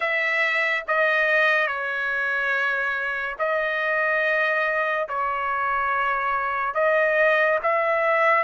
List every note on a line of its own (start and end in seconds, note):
0.00 0.83 E5
0.87 1.67 D#5
1.67 3.36 C#5
3.38 5.07 D#5
5.08 6.74 C#5
6.74 7.58 D#5
7.62 8.43 E5